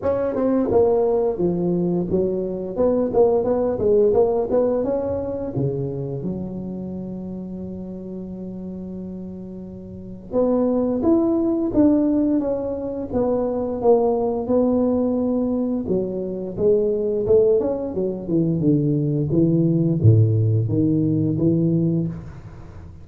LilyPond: \new Staff \with { instrumentName = "tuba" } { \time 4/4 \tempo 4 = 87 cis'8 c'8 ais4 f4 fis4 | b8 ais8 b8 gis8 ais8 b8 cis'4 | cis4 fis2.~ | fis2. b4 |
e'4 d'4 cis'4 b4 | ais4 b2 fis4 | gis4 a8 cis'8 fis8 e8 d4 | e4 a,4 dis4 e4 | }